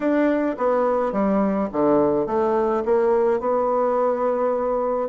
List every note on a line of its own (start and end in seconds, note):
0.00 0.56 D4
0.57 1.12 B3
1.12 1.69 G3
1.72 2.26 D3
2.26 2.83 A3
2.85 3.40 A#3
3.40 5.08 B3